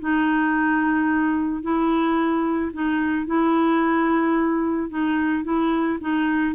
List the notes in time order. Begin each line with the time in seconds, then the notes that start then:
0.00 D#4
1.63 E4
2.73 D#4
3.27 E4
4.90 D#4
5.44 E4
6.01 D#4